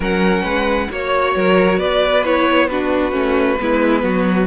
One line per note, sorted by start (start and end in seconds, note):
0.00 0.43 F#3
0.00 0.89 C#4
0.00 0.43 A#4
0.00 0.91 F#5
0.43 0.88 G#3
0.43 0.87 B4
0.90 1.35 A#3
0.90 2.24 F#4
0.90 1.36 C#5
0.90 1.79 C#5
1.35 1.77 F#3
1.35 1.77 A#4
1.77 3.11 B3
1.77 2.67 B4
1.77 2.24 D5
2.24 2.69 E4
2.24 2.68 C#5
2.68 3.11 D4
2.68 3.60 F#4
2.68 4.46 B4
3.11 3.55 A3
3.11 3.56 C#4
3.59 4.03 G#3
3.59 4.46 B3
3.59 4.03 E4
4.03 4.46 F#3
4.03 4.46 F#4